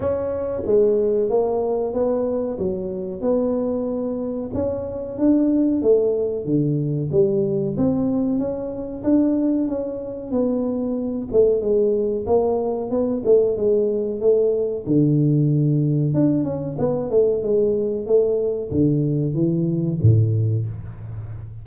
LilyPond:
\new Staff \with { instrumentName = "tuba" } { \time 4/4 \tempo 4 = 93 cis'4 gis4 ais4 b4 | fis4 b2 cis'4 | d'4 a4 d4 g4 | c'4 cis'4 d'4 cis'4 |
b4. a8 gis4 ais4 | b8 a8 gis4 a4 d4~ | d4 d'8 cis'8 b8 a8 gis4 | a4 d4 e4 a,4 | }